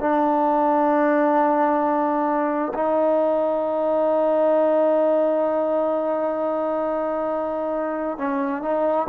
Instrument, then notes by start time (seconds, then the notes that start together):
trombone
0.00 D4
2.74 D#4
8.18 C#4
8.62 D#4